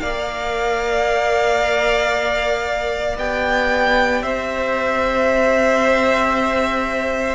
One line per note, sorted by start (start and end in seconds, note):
0.00 3.17 A#3
0.00 3.17 A#4
0.00 4.23 D5
0.00 3.16 F5
3.17 4.22 B3
3.17 7.35 G4
3.17 4.22 G5
4.22 7.35 C4
4.22 7.35 C5
4.22 7.35 E5